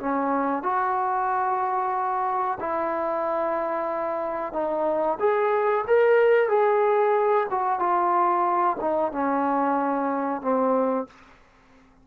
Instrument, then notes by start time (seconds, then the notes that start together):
trombone
0.00 C#4
0.63 F#4
2.60 E4
4.53 D#4
5.20 G#4
5.88 A#4
6.49 G#4
7.51 F#4
7.79 F4
8.80 D#4
9.12 C#4
10.42 C4